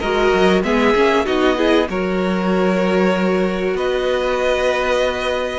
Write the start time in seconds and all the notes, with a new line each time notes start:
0.00 G#3 F#4 A#4 D#5
0.33 F#3
0.63 G#3 B3 G#4 E5
0.95 A#3 C#4
1.26 B3 D#4 F#4 D#5
1.57 E4 G#4
1.89 F#3 F#4 A#4 C#5
3.74 B3 B4 D#5